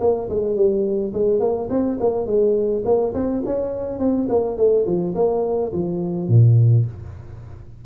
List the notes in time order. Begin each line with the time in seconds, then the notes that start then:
0.00 A#3
0.29 G#3
0.56 G3
1.13 G#3
1.40 A#3
1.70 C4
2.00 A#3
2.26 G#3
2.85 A#3
3.14 C4
3.45 C#4
3.99 C4
4.29 A#3
4.57 A3
4.85 F3
5.15 A#3
5.72 F3
6.28 A#2